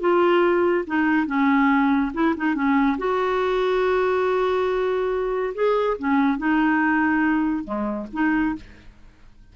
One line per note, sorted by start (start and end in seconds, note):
0.00 0.85 F4
0.87 1.27 D#4
1.27 2.12 C#4
2.14 2.35 E4
2.37 2.55 D#4
2.55 2.97 C#4
2.98 5.54 F#4
5.55 5.97 G#4
5.98 6.38 C#4
6.38 7.64 D#4
7.64 8.07 G#3
8.13 8.56 D#4